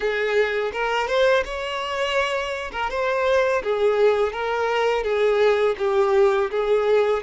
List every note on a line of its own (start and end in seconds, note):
0.00 0.71 G#4
0.72 1.07 A#4
1.07 1.43 C5
1.44 2.71 C#5
2.72 2.90 A#4
2.90 3.62 C5
3.63 4.32 G#4
4.32 5.03 A#4
5.03 5.75 G#4
5.78 6.50 G4
6.50 7.23 G#4